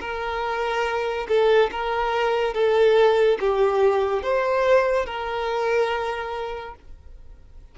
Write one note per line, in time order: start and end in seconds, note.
0.00 1.27 A#4
1.28 1.70 A4
1.71 2.53 A#4
2.53 3.38 A4
3.40 4.22 G4
4.22 5.06 C5
5.06 6.75 A#4